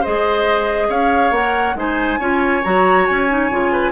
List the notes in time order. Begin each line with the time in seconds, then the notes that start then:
0.00 G#4 C5 D#5
0.07 G#3
0.88 C#4 C#5 F5
1.31 A#3 A#4 F#5
1.75 G#3 D#4 C5 G#5
2.19 C#4 F4 C#5
2.63 F#3 F#4 A#5
3.06 C#4 G#5
3.29 D#4
3.50 C#3 F4
3.72 B4